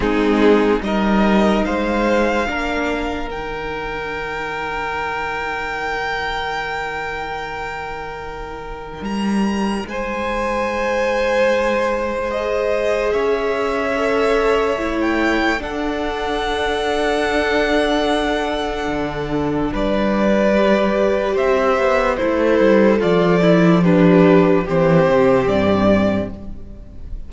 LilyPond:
<<
  \new Staff \with { instrumentName = "violin" } { \time 4/4 \tempo 4 = 73 gis'4 dis''4 f''2 | g''1~ | g''2. ais''4 | gis''2. dis''4 |
e''2~ e''16 g''8. fis''4~ | fis''1 | d''2 e''4 c''4 | d''4 b'4 c''4 d''4 | }
  \new Staff \with { instrumentName = "violin" } { \time 4/4 dis'4 ais'4 c''4 ais'4~ | ais'1~ | ais'1 | c''1 |
cis''2. a'4~ | a'1 | b'2 c''4 e'4 | f'8 e'8 d'4 g'2 | }
  \new Staff \with { instrumentName = "viola" } { \time 4/4 c'4 dis'2 d'4 | dis'1~ | dis'1~ | dis'2. gis'4~ |
gis'4 a'4 e'4 d'4~ | d'1~ | d'4 g'2 a'4~ | a'4 g'4 c'2 | }
  \new Staff \with { instrumentName = "cello" } { \time 4/4 gis4 g4 gis4 ais4 | dis1~ | dis2. g4 | gis1 |
cis'2 a4 d'4~ | d'2. d4 | g2 c'8 b8 a8 g8 | f2 e8 c8 g,4 | }
>>